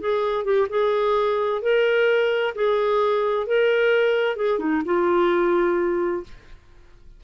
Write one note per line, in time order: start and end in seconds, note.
0.00 0.44 G#4
0.44 0.67 G4
0.69 1.62 G#4
1.62 2.54 A#4
2.55 3.46 G#4
3.46 4.36 A#4
4.36 4.59 G#4
4.59 4.82 D#4
4.85 6.23 F4